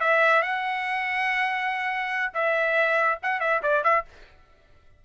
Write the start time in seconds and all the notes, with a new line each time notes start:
0.00 E5
0.42 F#5
2.34 E5
3.22 F#5
3.40 E5
3.63 D5
3.84 E5